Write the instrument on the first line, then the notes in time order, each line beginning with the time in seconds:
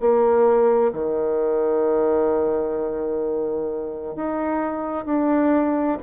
bassoon
0.00 A#3
0.93 D#3
4.16 D#4
5.06 D4